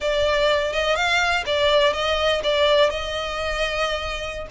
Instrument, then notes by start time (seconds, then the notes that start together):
violin
0.00 D5
0.73 D#5
0.95 F5
1.46 D5
1.93 D#5
2.43 D5
2.89 D#5